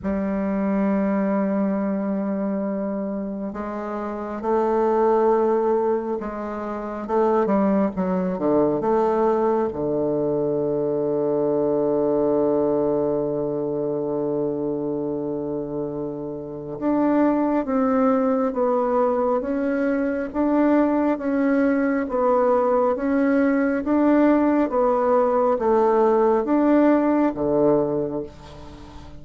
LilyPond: \new Staff \with { instrumentName = "bassoon" } { \time 4/4 \tempo 4 = 68 g1 | gis4 a2 gis4 | a8 g8 fis8 d8 a4 d4~ | d1~ |
d2. d'4 | c'4 b4 cis'4 d'4 | cis'4 b4 cis'4 d'4 | b4 a4 d'4 d4 | }